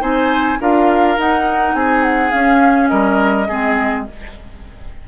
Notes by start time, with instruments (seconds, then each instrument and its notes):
0.00 bassoon C4, clarinet D#4, oboe C5, flute G#5
0.60 bassoon D4, clarinet F4, oboe A#4, flute F5
1.17 bassoon D#4, clarinet D#4, flute F#5
1.74 bassoon C4, oboe G#4, flute G#5
2.02 flute F#5
2.31 clarinet C#4, bassoon C#4, flute F5
2.88 bassoon G3, oboe A#4, flute D#5
3.47 bassoon G#3, clarinet C4, oboe G#4